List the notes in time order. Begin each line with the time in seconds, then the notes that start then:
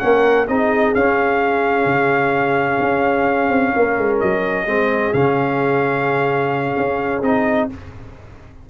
0.00 A#3 C#4 A#4 F#5
0.48 C4 D#4 G#4 D#5
0.95 C#4 F5
1.86 C#3
2.80 C#4
3.49 C4
3.75 A#3 A#4
3.98 G#3
4.21 F#3 D#5
4.67 G#3 C4 G#4
5.14 C#3 C#4 F5
6.77 C#4
7.22 C4 D#4 D#5